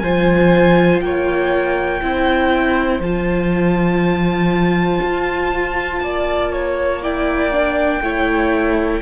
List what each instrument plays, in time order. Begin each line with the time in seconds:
0.00 cello F3, viola F4, violin C5 G#5
1.01 cello A#3, violin C#5 G5
2.02 cello C4, viola E4, violin C5
3.00 cello F3, viola F4, violin A5
5.02 cello F4
6.01 cello A#3, violin D5
6.54 violin C#5
7.02 viola E4, violin D5 G5
7.53 viola D4
8.01 cello A3, viola E4, violin C#5